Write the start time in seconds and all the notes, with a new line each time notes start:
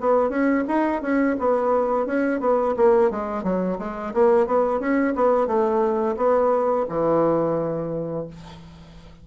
0.00 B3
0.29 C#4
0.68 D#4
1.02 C#4
1.39 B3
2.06 C#4
2.40 B3
2.76 A#3
3.10 G#3
3.43 F#3
3.78 G#3
4.13 A#3
4.46 B3
4.80 C#4
5.15 B3
5.47 A3
6.16 B3
6.89 E3